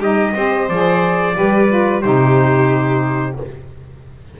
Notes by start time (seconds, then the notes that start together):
0.00 G3 D#4 G4 D#5
0.34 C4 G4 C5
0.69 F3 G#4 D5
1.34 G3 G4 B4
1.68 F4
2.02 C3 D#4 G4 C5